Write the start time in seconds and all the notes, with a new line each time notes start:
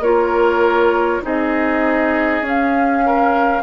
0.00 A#3 F4 A#4 C#5
1.22 C4 D#4 G#4 D#5
2.41 C#4
2.48 F5
3.06 A#4